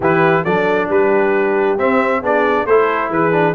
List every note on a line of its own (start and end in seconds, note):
0.00 0.44 E3
0.00 0.46 E4
0.00 0.44 G4
0.00 0.44 B4
0.44 0.89 F#3
0.44 1.78 D4
0.44 0.88 A4
0.44 0.89 D5
0.89 1.77 G3
0.89 2.21 G4
0.89 1.78 B4
1.78 2.22 C4
1.78 2.23 E5
2.21 2.65 B3
2.21 2.67 D4
2.21 2.65 G#4
2.21 2.66 D5
2.65 3.10 A3
2.65 3.31 E4
2.65 3.11 A4
2.65 3.10 C5
3.10 3.54 E3
3.10 3.54 G#4
3.10 3.54 B4
3.31 3.54 D4